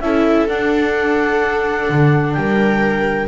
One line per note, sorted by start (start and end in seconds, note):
0.00 0.47 C#4
0.00 0.48 E4
0.00 2.38 A4
0.00 0.47 E5
0.47 1.88 D4
0.47 3.28 D4
0.47 2.33 F#5
1.89 2.36 D3
2.33 3.28 G3
2.33 3.26 G5
2.39 3.28 A#4